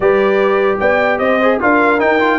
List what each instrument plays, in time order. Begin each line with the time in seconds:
0.00 tuba G3, trombone G4, horn B4, trumpet D5
0.79 tuba B3, horn D5, trumpet G5
1.18 tuba C4, horn C5, trumpet D#5
1.41 trombone G#4
1.60 tuba D4, trombone F4, horn A#4, trumpet F5
1.99 trombone D#4, tuba D#4, trumpet G5
2.19 trombone F4